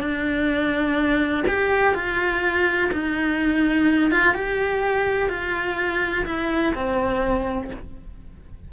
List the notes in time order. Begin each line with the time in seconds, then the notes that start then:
0.00 D4
1.48 G4
1.94 F4
2.92 D#4
4.11 F4
4.34 G4
5.29 F4
6.25 E4
6.74 C4